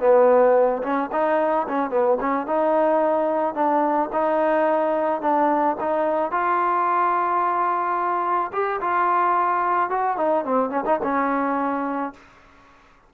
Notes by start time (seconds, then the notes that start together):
0.00 B3
0.83 C#4
1.12 D#4
1.69 C#4
1.90 B3
2.20 C#4
2.47 D#4
3.55 D4
4.13 D#4
5.22 D4
5.81 D#4
6.32 F4
8.53 G4
8.81 F4
9.90 F#4
10.17 D#4
10.45 C4
10.70 C#4
10.86 D#4
11.04 C#4